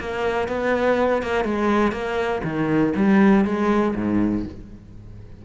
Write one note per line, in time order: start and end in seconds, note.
0.00 0.48 A#3
0.48 1.22 B3
1.22 1.44 A#3
1.44 1.92 G#3
1.92 2.42 A#3
2.43 2.93 D#3
2.96 3.45 G3
3.45 3.94 G#3
3.95 4.45 G#2